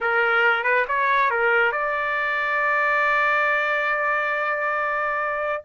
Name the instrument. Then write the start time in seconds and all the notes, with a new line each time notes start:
trumpet
0.00 A#4
0.63 B4
0.88 C#5
1.30 A#4
1.72 D5